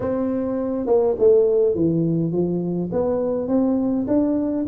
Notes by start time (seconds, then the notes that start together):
0.00 C4
0.86 A#3
1.19 A3
1.74 E3
2.31 F3
2.92 B3
3.48 C4
4.07 D4